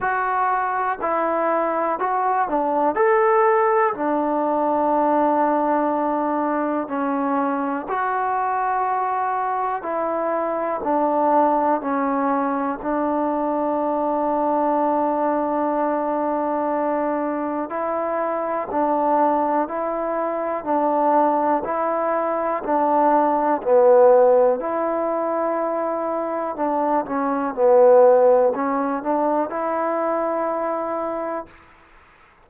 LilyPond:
\new Staff \with { instrumentName = "trombone" } { \time 4/4 \tempo 4 = 61 fis'4 e'4 fis'8 d'8 a'4 | d'2. cis'4 | fis'2 e'4 d'4 | cis'4 d'2.~ |
d'2 e'4 d'4 | e'4 d'4 e'4 d'4 | b4 e'2 d'8 cis'8 | b4 cis'8 d'8 e'2 | }